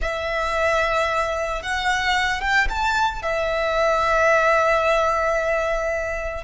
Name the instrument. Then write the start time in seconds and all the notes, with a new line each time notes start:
violin
0.01 E5
1.62 F#5
2.40 G5
2.69 A5
3.22 E5